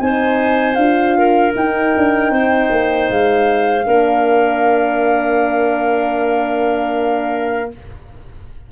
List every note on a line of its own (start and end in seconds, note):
0.00 0.77 C4
0.00 0.77 D#4
0.00 1.18 C5
0.00 0.75 G#5
0.75 1.54 D4
0.75 1.55 F4
0.75 1.52 F5
1.18 2.32 A#4
1.55 3.85 D#4
1.55 1.94 D#4
1.55 3.10 G5
1.97 2.31 D4
2.31 2.69 C4
2.31 3.86 C5
2.71 3.09 A#3
3.10 3.87 G#3
3.10 7.72 F5
3.85 7.72 A#3
3.85 7.69 D4
3.85 7.71 A#4